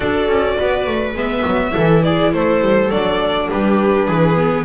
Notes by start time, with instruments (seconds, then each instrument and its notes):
0.00 double bass D4, viola F#4 A4, violin D5
0.28 double bass C#4
0.57 double bass B3, viola B4
0.86 double bass A3
1.14 double bass G#3, viola B3, violin E5
1.45 double bass F#3
1.71 double bass E3, viola E4 A4
2.03 viola G#4, violin D5
2.32 double bass A3, viola A4, violin C5
2.61 double bass G3
2.91 double bass F#3, viola D4, violin D5
3.49 double bass G3, viola G4, violin B4
4.06 double bass E3, viola G#4
4.35 viola B3